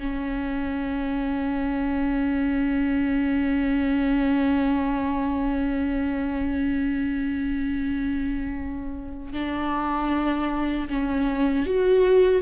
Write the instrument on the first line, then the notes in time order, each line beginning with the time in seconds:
viola
0.00 C#4
9.33 D4
10.89 C#4
11.66 F#4